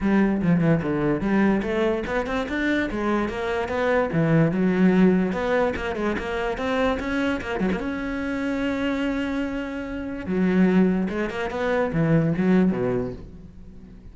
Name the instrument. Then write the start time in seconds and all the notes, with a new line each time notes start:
cello
0.00 G3
0.42 F3
0.60 E3
0.82 D3
1.20 G3
1.62 A3
2.06 B3
2.26 C4
2.48 D4
2.90 G#3
3.28 A#3
3.68 B3
4.13 E3
4.51 F#3
5.32 B3
5.76 A#3
5.95 G#3
6.18 A#3
6.57 C4
6.99 C#4
7.41 A#3
7.60 F#3
7.71 A#3
7.79 C#4
10.25 F#3
11.09 G#3
11.29 A#3
11.50 B3
11.92 E3
12.37 F#3
12.71 B2